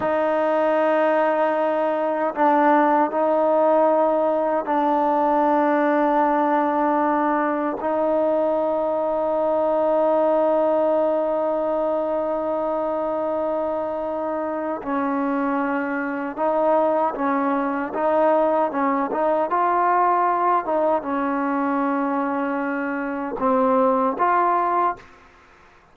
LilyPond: \new Staff \with { instrumentName = "trombone" } { \time 4/4 \tempo 4 = 77 dis'2. d'4 | dis'2 d'2~ | d'2 dis'2~ | dis'1~ |
dis'2. cis'4~ | cis'4 dis'4 cis'4 dis'4 | cis'8 dis'8 f'4. dis'8 cis'4~ | cis'2 c'4 f'4 | }